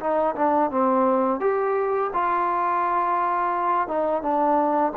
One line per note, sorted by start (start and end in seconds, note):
0.00 0.35 D#4
0.36 0.71 D4
0.71 1.40 C4
1.40 2.11 G4
2.14 3.88 F4
3.88 4.23 D#4
4.23 4.93 D4